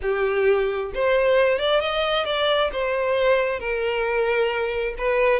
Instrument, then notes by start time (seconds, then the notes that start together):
violin
0.02 G4
0.94 C5
1.59 D5
1.80 D#5
2.25 D5
2.72 C5
3.59 A#4
4.98 B4